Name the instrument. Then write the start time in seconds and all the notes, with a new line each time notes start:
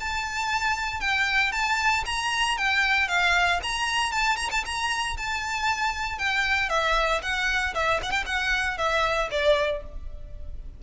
violin
0.00 A5
1.00 G5
1.52 A5
2.06 A#5
2.58 G5
3.08 F5
3.63 A#5
4.12 A5
4.37 A#5
4.51 A5
4.65 A#5
5.17 A5
6.18 G5
6.69 E5
7.22 F#5
7.74 E5
8.03 F#5
8.11 G5
8.26 F#5
8.77 E5
9.31 D5